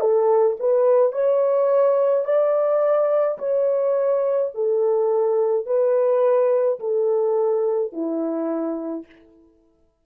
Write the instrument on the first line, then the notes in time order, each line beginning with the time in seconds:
horn
0.00 A4
0.59 B4
1.12 C#5
2.24 D5
3.38 C#5
4.54 A4
5.66 B4
6.79 A4
7.92 E4